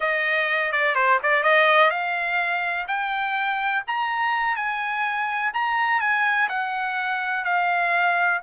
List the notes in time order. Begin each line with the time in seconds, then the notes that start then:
0.00 D#5
0.72 D5
0.95 C5
1.22 D5
1.43 D#5
1.90 F5
2.87 G5
3.87 A#5
4.56 G#5
5.53 A#5
6.00 G#5
6.48 F#5
7.44 F5